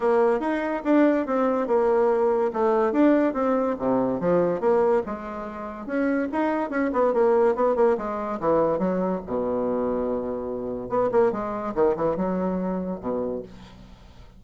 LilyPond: \new Staff \with { instrumentName = "bassoon" } { \time 4/4 \tempo 4 = 143 ais4 dis'4 d'4 c'4 | ais2 a4 d'4 | c'4 c4 f4 ais4 | gis2 cis'4 dis'4 |
cis'8 b8 ais4 b8 ais8 gis4 | e4 fis4 b,2~ | b,2 b8 ais8 gis4 | dis8 e8 fis2 b,4 | }